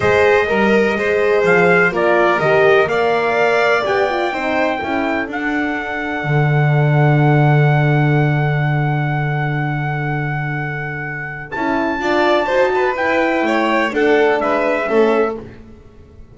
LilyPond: <<
  \new Staff \with { instrumentName = "trumpet" } { \time 4/4 \tempo 4 = 125 dis''2. f''4 | d''4 dis''4 f''2 | g''2. fis''4~ | fis''1~ |
fis''1~ | fis''1 | a''2. g''4~ | g''4 fis''4 e''2 | }
  \new Staff \with { instrumentName = "violin" } { \time 4/4 c''4 ais'4 c''2 | ais'2 d''2~ | d''4 c''4 a'2~ | a'1~ |
a'1~ | a'1~ | a'4 d''4 c''8 b'4. | cis''4 a'4 b'4 a'4 | }
  \new Staff \with { instrumentName = "horn" } { \time 4/4 gis'4 ais'4 gis'2 | f'4 g'4 ais'2 | g'8 f'8 dis'4 e'4 d'4~ | d'1~ |
d'1~ | d'1 | e'4 f'4 fis'4 e'4~ | e'4 d'2 cis'4 | }
  \new Staff \with { instrumentName = "double bass" } { \time 4/4 gis4 g4 gis4 f4 | ais4 dis4 ais2 | b4 c'4 cis'4 d'4~ | d'4 d2.~ |
d1~ | d1 | cis'4 d'4 dis'4 e'4 | a4 d'4 gis4 a4 | }
>>